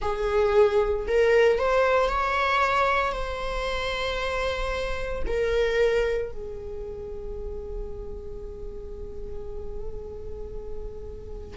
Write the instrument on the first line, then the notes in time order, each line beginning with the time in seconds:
viola
0.01 G#4
1.07 A#4
1.58 C5
2.09 C#5
3.12 C5
5.26 A#4
6.32 G#4